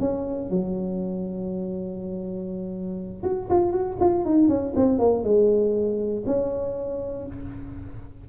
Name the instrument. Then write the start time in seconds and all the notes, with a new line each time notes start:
tuba
0.00 C#4
0.50 F#3
3.23 F#4
3.50 F4
3.72 F#4
4.00 F4
4.25 D#4
4.48 C#4
4.76 C4
4.99 A#3
5.24 G#3
6.27 C#4